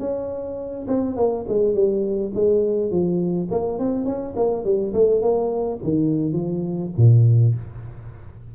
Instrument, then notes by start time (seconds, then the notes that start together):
tuba
0.00 C#4
0.88 C4
1.17 A#3
1.49 G#3
1.75 G3
2.35 G#3
2.91 F3
3.51 A#3
3.79 C4
4.05 C#4
4.36 A#3
4.65 G3
4.94 A3
5.22 A#3
5.83 D#3
6.33 F3
6.98 A#2